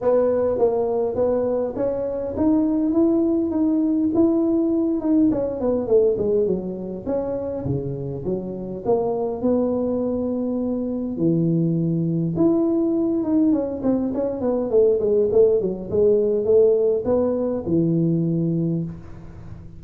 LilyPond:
\new Staff \with { instrumentName = "tuba" } { \time 4/4 \tempo 4 = 102 b4 ais4 b4 cis'4 | dis'4 e'4 dis'4 e'4~ | e'8 dis'8 cis'8 b8 a8 gis8 fis4 | cis'4 cis4 fis4 ais4 |
b2. e4~ | e4 e'4. dis'8 cis'8 c'8 | cis'8 b8 a8 gis8 a8 fis8 gis4 | a4 b4 e2 | }